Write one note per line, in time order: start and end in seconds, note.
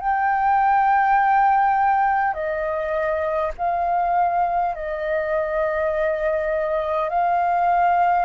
0.00 2.34 G5
2.34 3.51 D#5
3.57 4.75 F5
4.75 7.09 D#5
7.09 8.25 F5